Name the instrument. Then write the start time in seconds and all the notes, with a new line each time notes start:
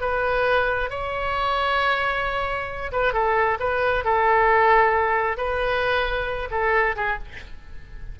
oboe
0.00 B4
0.90 C#5
2.92 B4
3.13 A4
3.59 B4
4.04 A4
5.37 B4
6.50 A4
6.96 G#4